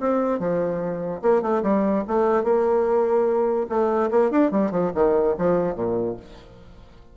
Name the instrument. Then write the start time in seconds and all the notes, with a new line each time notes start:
bassoon
0.00 C4
0.39 F3
1.22 A#3
1.42 A3
1.63 G3
2.08 A3
2.44 A#3
3.69 A3
4.11 A#3
4.31 D4
4.51 G3
4.71 F3
4.94 D#3
5.38 F3
5.75 A#2